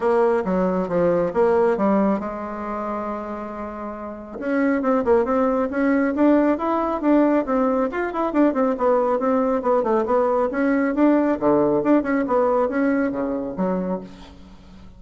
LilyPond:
\new Staff \with { instrumentName = "bassoon" } { \time 4/4 \tempo 4 = 137 ais4 fis4 f4 ais4 | g4 gis2.~ | gis2 cis'4 c'8 ais8 | c'4 cis'4 d'4 e'4 |
d'4 c'4 f'8 e'8 d'8 c'8 | b4 c'4 b8 a8 b4 | cis'4 d'4 d4 d'8 cis'8 | b4 cis'4 cis4 fis4 | }